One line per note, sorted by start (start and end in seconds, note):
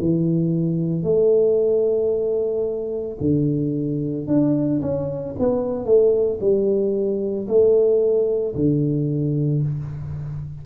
0.00 1.03 E3
1.03 3.18 A3
3.21 4.28 D3
4.28 4.81 D4
4.82 5.36 C#4
5.39 5.86 B3
5.86 6.39 A3
6.40 7.48 G3
7.48 8.55 A3
8.56 9.63 D3